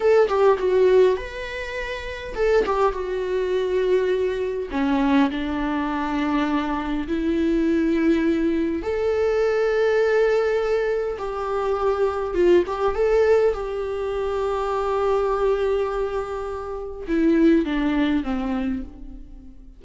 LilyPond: \new Staff \with { instrumentName = "viola" } { \time 4/4 \tempo 4 = 102 a'8 g'8 fis'4 b'2 | a'8 g'8 fis'2. | cis'4 d'2. | e'2. a'4~ |
a'2. g'4~ | g'4 f'8 g'8 a'4 g'4~ | g'1~ | g'4 e'4 d'4 c'4 | }